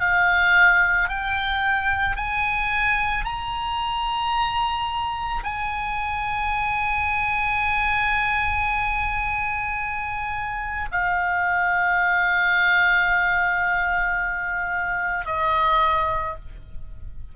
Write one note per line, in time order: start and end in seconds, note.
0.00 1.09 F5
1.09 2.16 G5
2.16 3.25 G#5
3.25 5.43 A#5
5.43 10.89 G#5
10.91 15.26 F5
15.26 16.35 D#5